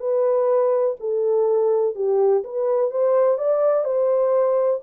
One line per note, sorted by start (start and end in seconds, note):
0.00 0.96 B4
1.00 1.95 A4
1.95 2.43 G4
2.44 2.91 B4
2.91 3.38 C5
3.38 3.84 D5
3.84 4.80 C5